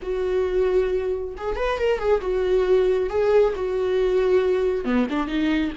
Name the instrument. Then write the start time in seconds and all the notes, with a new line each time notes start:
viola
0.02 F#4
1.37 G#4
1.56 B4
1.78 A#4
1.98 G#4
2.21 F#4
3.09 G#4
3.55 F#4
4.84 B3
5.10 D4
5.27 D#4